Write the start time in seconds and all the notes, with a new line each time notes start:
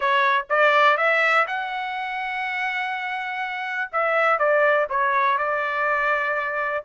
0.00 C#5
0.49 D5
0.97 E5
1.47 F#5
3.92 E5
4.38 D5
4.89 C#5
5.37 D5